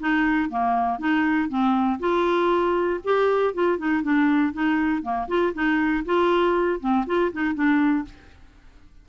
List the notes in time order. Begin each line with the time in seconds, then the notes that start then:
0.00 D#4
0.49 A#3
0.98 D#4
1.49 C4
1.99 F4
3.04 G4
3.54 F4
3.78 D#4
4.02 D4
4.53 D#4
5.02 A#3
5.28 F4
5.54 D#4
6.05 F4
6.80 C4
7.06 F4
7.32 D#4
7.54 D4